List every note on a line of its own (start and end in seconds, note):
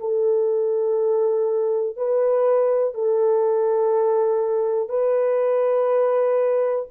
0.00 1.97 A4
1.97 2.94 B4
2.94 4.89 A4
4.89 6.86 B4